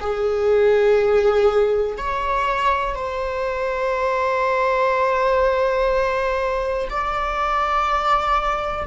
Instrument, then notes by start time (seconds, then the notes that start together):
viola
0.00 G#4
1.97 C#5
2.95 C5
6.89 D5